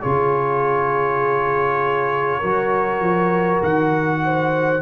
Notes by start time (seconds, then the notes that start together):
0.00 C#3 F4 G#4 C#5
2.40 F#3 F#4 A#4
3.01 F3
3.63 D#3 F#5
4.25 C5